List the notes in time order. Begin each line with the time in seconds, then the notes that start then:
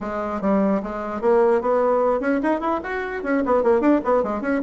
0.01 G#3
0.41 G3
0.82 G#3
1.21 A#3
1.61 B3
2.20 C#4
2.42 D#4
2.60 E4
2.83 F#4
3.23 C#4
3.45 B3
3.63 A#3
3.80 D4
4.04 B3
4.23 G#3
4.41 C#4